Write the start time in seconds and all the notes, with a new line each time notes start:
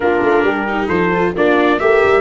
0.00 A#3 D4 F4 A#4
0.22 A3
0.43 G3 G4
0.67 D#4
0.87 F3 A4 C5
1.13 F4
1.34 A#3 D4 F4 D5
1.79 A3 G4 A#4 E5
2.04 G3